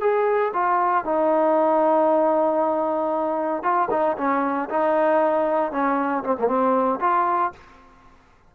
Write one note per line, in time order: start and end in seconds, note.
0.00 0.52 G#4
0.53 1.04 F4
1.04 3.63 D#4
3.63 3.89 F4
3.90 4.16 D#4
4.17 4.69 C#4
4.69 5.72 D#4
5.72 6.23 C#4
6.24 6.36 C4
6.39 6.47 A#3
6.47 6.99 C4
7.00 7.52 F4